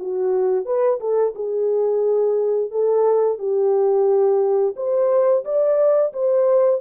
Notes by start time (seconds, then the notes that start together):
0.00 F#4
0.66 B4
1.01 A4
1.35 G#4
2.71 A4
3.39 G4
4.76 C5
5.45 D5
6.13 C5